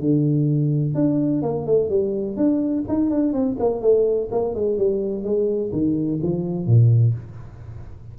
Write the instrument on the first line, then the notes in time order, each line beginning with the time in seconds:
tuba
0.00 D3
0.95 D4
1.43 A#3
1.66 A3
1.89 G3
2.37 D4
2.88 D#4
3.11 D4
3.33 C4
3.60 A#3
3.82 A3
4.32 A#3
4.55 G#3
4.78 G3
5.24 G#3
5.73 D#3
6.23 F3
6.66 A#2